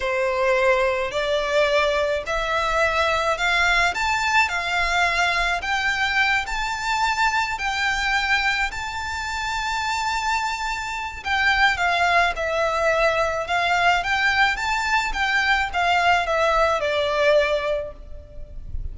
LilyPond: \new Staff \with { instrumentName = "violin" } { \time 4/4 \tempo 4 = 107 c''2 d''2 | e''2 f''4 a''4 | f''2 g''4. a''8~ | a''4. g''2 a''8~ |
a''1 | g''4 f''4 e''2 | f''4 g''4 a''4 g''4 | f''4 e''4 d''2 | }